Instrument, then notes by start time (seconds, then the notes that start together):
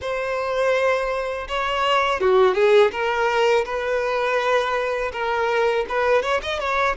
violin
0.01 C5
1.48 C#5
2.20 F#4
2.54 G#4
2.91 A#4
3.65 B4
5.12 A#4
5.88 B4
6.22 C#5
6.42 D#5
6.59 C#5